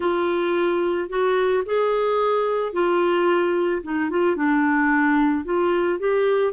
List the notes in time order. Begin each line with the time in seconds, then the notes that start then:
0.00 F4
1.09 F#4
1.65 G#4
2.72 F4
3.82 D#4
4.10 F4
4.36 D4
5.44 F4
5.99 G4